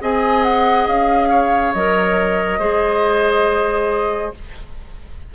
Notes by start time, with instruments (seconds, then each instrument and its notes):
0.00 bassoon C4, clarinet G#4, oboe D#5, flute G#5
0.43 flute F#5
0.87 bassoon C#4, flute F5
1.29 oboe C#5
1.73 bassoon F#3, clarinet A#4, flute D#5
2.58 bassoon G#3, clarinet G#4, oboe C5